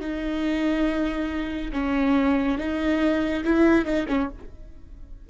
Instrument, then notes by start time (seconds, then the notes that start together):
viola
0.00 D#4
1.72 C#4
2.58 D#4
3.44 E4
3.85 D#4
4.08 C#4